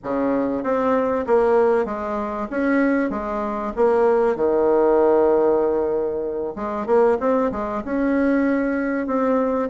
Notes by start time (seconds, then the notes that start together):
0.03 C#3
0.62 C4
1.27 A#3
1.85 G#3
2.50 C#4
3.10 G#3
3.76 A#3
4.35 D#3
6.55 G#3
6.86 A#3
7.20 C4
7.51 G#3
7.84 C#4
9.06 C4